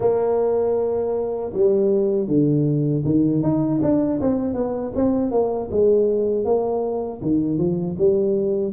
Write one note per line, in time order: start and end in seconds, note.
0.00 1.52 A#3
1.53 2.27 G3
2.27 3.03 D3
3.04 3.42 D#3
3.42 3.80 D#4
3.82 4.20 D4
4.20 4.54 C4
4.54 4.92 B3
4.95 5.31 C4
5.31 5.69 A#3
5.71 6.45 G#3
6.45 7.20 A#3
7.22 7.57 D#3
7.57 7.95 F3
7.97 8.72 G3